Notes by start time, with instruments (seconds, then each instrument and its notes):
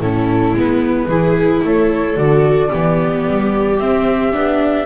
0.00 double bass A2, viola C#4 E4, flute A4
0.53 double bass G#3, viola B3, flute B4
1.08 double bass E3, viola E4 G#4
1.64 double bass A3, viola A4, flute C#5
2.17 double bass D3, viola F#4, flute D5
2.70 double bass E3, viola B3 G4
3.28 double bass G3
3.79 double bass C4, viola C4, flute E5
4.33 double bass B3, viola D4